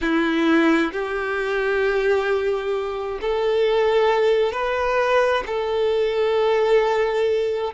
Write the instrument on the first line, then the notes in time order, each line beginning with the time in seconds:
violin
0.01 E4
0.92 G4
3.21 A4
4.52 B4
5.46 A4